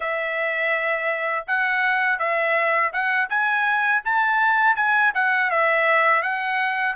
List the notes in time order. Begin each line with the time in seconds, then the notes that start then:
0.00 E5
1.47 F#5
2.19 E5
2.92 F#5
3.29 G#5
4.04 A5
4.76 G#5
5.14 F#5
5.50 E5
6.22 F#5